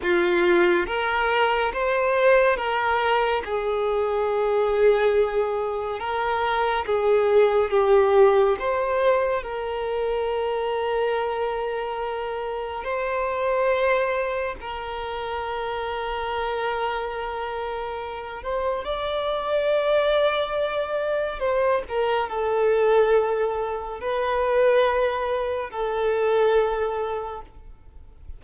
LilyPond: \new Staff \with { instrumentName = "violin" } { \time 4/4 \tempo 4 = 70 f'4 ais'4 c''4 ais'4 | gis'2. ais'4 | gis'4 g'4 c''4 ais'4~ | ais'2. c''4~ |
c''4 ais'2.~ | ais'4. c''8 d''2~ | d''4 c''8 ais'8 a'2 | b'2 a'2 | }